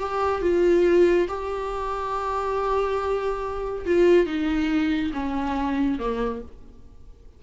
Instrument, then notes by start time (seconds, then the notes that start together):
viola
0.00 G4
0.42 F4
1.29 G4
3.86 F4
4.27 D#4
5.14 C#4
5.99 A#3